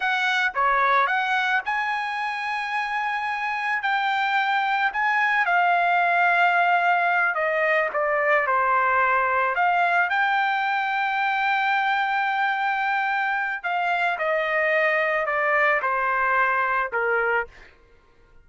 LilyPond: \new Staff \with { instrumentName = "trumpet" } { \time 4/4 \tempo 4 = 110 fis''4 cis''4 fis''4 gis''4~ | gis''2. g''4~ | g''4 gis''4 f''2~ | f''4. dis''4 d''4 c''8~ |
c''4. f''4 g''4.~ | g''1~ | g''4 f''4 dis''2 | d''4 c''2 ais'4 | }